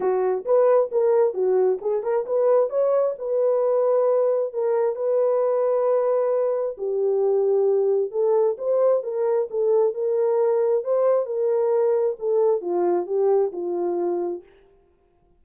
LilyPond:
\new Staff \with { instrumentName = "horn" } { \time 4/4 \tempo 4 = 133 fis'4 b'4 ais'4 fis'4 | gis'8 ais'8 b'4 cis''4 b'4~ | b'2 ais'4 b'4~ | b'2. g'4~ |
g'2 a'4 c''4 | ais'4 a'4 ais'2 | c''4 ais'2 a'4 | f'4 g'4 f'2 | }